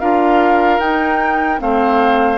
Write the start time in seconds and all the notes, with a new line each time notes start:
0.00 D4 F4 A#4 F5
0.79 D#4 G5
1.58 A3 C4 C5 F5